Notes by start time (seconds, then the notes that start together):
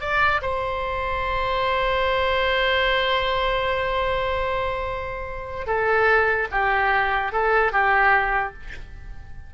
0.00 D5
0.41 C5
5.66 A4
6.51 G4
7.32 A4
7.72 G4